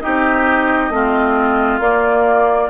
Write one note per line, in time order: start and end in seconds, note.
0.00 0.90 C4
0.00 0.91 D#4
0.00 0.93 G4
0.00 1.79 D#5
0.90 1.79 A3
0.90 1.81 C4
0.90 2.70 F4
1.79 2.69 A#3
1.79 2.70 A#3
1.79 2.70 D5